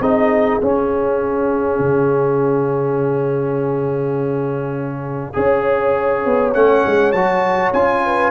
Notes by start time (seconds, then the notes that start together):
0.00 C4 D#4 G#4 D#5
0.61 C#4 F5
1.79 C#3
5.34 C#4 G#4 C#5
6.25 B3
6.53 A3 C#4 F#5
6.86 G#3
7.12 F#3 F#4 A5
7.73 C#4 F4 G#5
8.05 B4